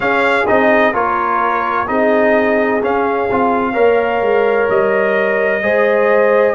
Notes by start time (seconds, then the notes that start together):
0.00 C#4 G#4 F5
0.47 C4 D#4 D#5
0.93 A#3 F4 A#4 C#5
1.87 C4 D#4 G#4 D#5
2.82 C#4 F5
3.30 C4 F4
3.72 A#3 A#4 C#5
4.21 G#3
4.69 G3 D#5
5.62 G#3 G#4 C5